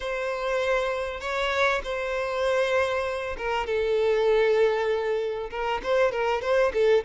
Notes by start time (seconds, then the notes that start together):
0.00 C5
1.20 C#5
1.83 C5
3.37 A#4
3.66 A4
5.50 A#4
5.83 C5
6.11 A#4
6.41 C5
6.73 A4